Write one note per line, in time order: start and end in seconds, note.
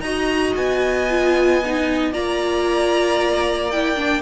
0.00 0.53 D#4
0.00 1.09 F#4
0.00 2.13 D#5
0.00 0.53 A#5
0.56 2.13 B3
0.56 2.13 G#5
1.09 1.62 F4
1.65 2.12 D#4
2.12 4.22 A#3
2.12 3.70 F4
2.12 4.22 D5
2.12 3.71 A#5
3.71 3.96 E4
3.71 4.22 G5
3.96 4.22 D4